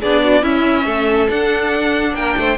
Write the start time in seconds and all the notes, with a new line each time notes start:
0.00 B3 D4 G#4 D5
0.23 F#4
0.42 C#4 E4 E5
0.85 A3 A4
1.29 D4 F#5
2.13 A#3 A#4 G5
2.37 A3 C5